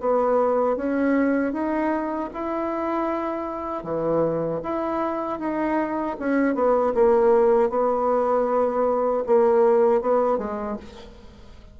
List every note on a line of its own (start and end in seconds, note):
0.00 0.77 B3
0.77 1.53 C#4
1.53 2.30 D#4
2.34 3.84 E4
3.84 4.61 E3
4.63 5.40 E4
5.40 6.16 D#4
6.19 6.55 C#4
6.55 6.93 B3
6.94 7.70 A#3
7.70 9.23 B3
9.27 10.01 A#3
10.01 10.38 B3
10.38 10.77 G#3